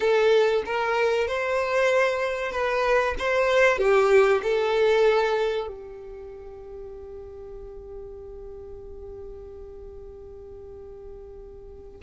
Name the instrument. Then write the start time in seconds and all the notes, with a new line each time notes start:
violin
0.00 A4
0.65 A#4
1.27 C5
2.51 B4
3.18 C5
3.78 G4
4.42 A4
5.67 G4